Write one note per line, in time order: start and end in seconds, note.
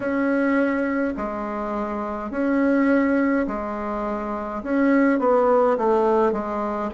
0.00 1.13 C#4
1.16 2.31 G#3
2.31 3.46 C#4
3.47 4.62 G#3
4.63 5.19 C#4
5.19 5.77 B3
5.77 6.32 A3
6.32 6.90 G#3